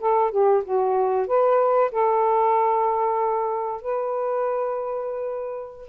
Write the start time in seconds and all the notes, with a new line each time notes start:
0.00 A4
0.31 G4
0.64 F#4
1.27 B4
1.91 A4
3.81 B4